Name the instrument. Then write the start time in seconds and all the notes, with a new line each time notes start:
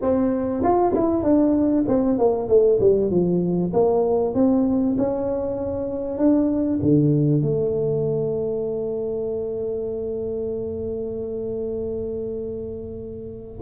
tuba
0.01 C4
0.63 F4
0.94 E4
1.23 D4
1.87 C4
2.18 A#3
2.48 A3
2.80 G3
3.10 F3
3.73 A#3
4.34 C4
4.97 C#4
6.17 D4
6.82 D3
7.42 A3